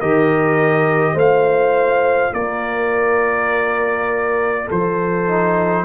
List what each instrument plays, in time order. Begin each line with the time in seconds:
0.00 tuba D#3, trombone G4, horn A#4, trumpet D#5
1.14 tuba A3, trombone F4, horn C5, trumpet F5
2.33 tuba A#3, horn A#4, trumpet D5
4.67 tuba F3, horn A4, trumpet C5
5.28 trombone D#4